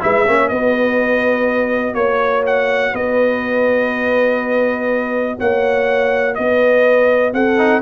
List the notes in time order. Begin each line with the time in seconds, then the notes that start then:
0.00 G#3 E4 B4 E5
0.26 A#3 C#4 C#5
0.48 B3 F#4 B4 D#5
1.94 A#3 C#5
2.46 F#5
2.92 B3 B4 D#5
5.38 A#3 C#5 F#5
6.34 B3 B4 D#5
7.33 C4 A4 F#5
7.57 D#4